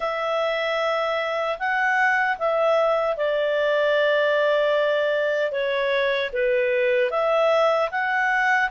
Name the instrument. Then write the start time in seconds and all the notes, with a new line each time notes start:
clarinet
0.00 E5
1.58 F#5
2.38 E5
3.16 D5
5.51 C#5
6.33 B4
7.10 E5
7.91 F#5